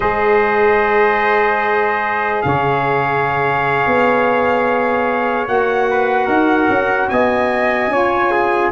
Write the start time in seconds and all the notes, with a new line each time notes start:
0.00 G#3 G#4 C5 D#5
2.42 C#3 C#5 F5
3.86 B3
5.47 A#3 F#4 F#5
5.90 B4
6.26 D#4 A#4
6.69 C#4
7.09 B3 D#5 G#5
7.87 C#4 F4 C#5
8.31 G#4